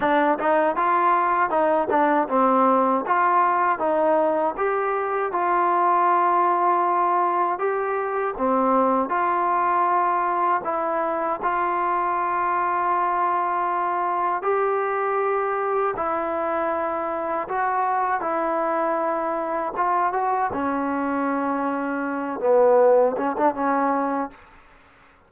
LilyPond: \new Staff \with { instrumentName = "trombone" } { \time 4/4 \tempo 4 = 79 d'8 dis'8 f'4 dis'8 d'8 c'4 | f'4 dis'4 g'4 f'4~ | f'2 g'4 c'4 | f'2 e'4 f'4~ |
f'2. g'4~ | g'4 e'2 fis'4 | e'2 f'8 fis'8 cis'4~ | cis'4. b4 cis'16 d'16 cis'4 | }